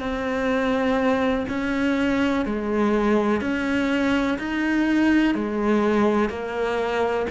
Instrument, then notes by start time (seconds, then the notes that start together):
cello
0.00 C4
1.48 C#4
2.45 G#3
3.41 C#4
4.39 D#4
5.34 G#3
6.29 A#3